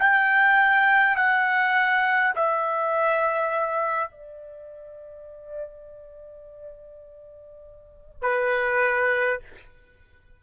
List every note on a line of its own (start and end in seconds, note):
0.00 1.17 G5
1.17 2.34 F#5
2.36 4.12 E5
4.12 8.22 D5
8.22 9.40 B4